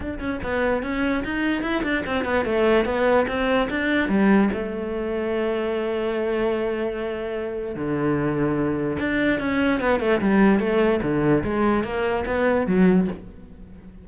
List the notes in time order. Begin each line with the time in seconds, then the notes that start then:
0.00 D4
0.19 C#4
0.43 B3
0.83 C#4
1.24 D#4
1.62 E4
1.83 D4
2.06 C4
2.24 B3
2.45 A3
2.85 B3
3.27 C4
3.70 D4
4.08 G3
4.53 A3
7.75 D3
8.99 D4
9.39 C#4
9.80 B3
10.00 A3
10.20 G3
10.59 A3
11.02 D3
11.43 G#3
11.84 A#3
12.26 B3
12.66 F#3